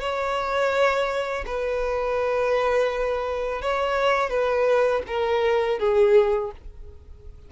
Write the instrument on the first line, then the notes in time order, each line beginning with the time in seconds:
violin
0.00 C#5
1.46 B4
3.61 C#5
4.30 B4
5.07 A#4
5.79 G#4